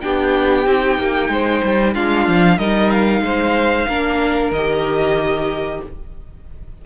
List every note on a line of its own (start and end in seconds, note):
0.00 0.66 B3
0.00 0.65 D4
0.00 1.31 G4
0.00 1.94 G5
0.66 0.98 C4
0.66 1.94 D#4
0.98 1.29 A#3
1.29 1.61 G#3
1.29 1.94 C5
1.63 1.95 G3
1.94 2.27 G#3
1.94 2.59 D4
1.94 2.57 F4
1.94 2.58 F5
2.27 2.58 F3
2.57 3.21 G3
2.57 3.88 D#4
2.57 3.22 A#4
2.57 2.90 D#5
2.90 4.51 F5
3.21 3.85 G#3
3.21 3.87 C5
3.87 4.51 A#3
3.87 4.53 D4
3.87 5.81 A#4
4.51 5.80 D#3
4.51 5.86 G4
4.51 5.81 D#5